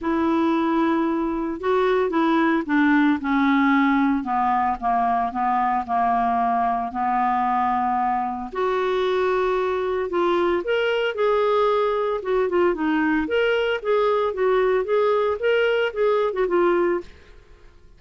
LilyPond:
\new Staff \with { instrumentName = "clarinet" } { \time 4/4 \tempo 4 = 113 e'2. fis'4 | e'4 d'4 cis'2 | b4 ais4 b4 ais4~ | ais4 b2. |
fis'2. f'4 | ais'4 gis'2 fis'8 f'8 | dis'4 ais'4 gis'4 fis'4 | gis'4 ais'4 gis'8. fis'16 f'4 | }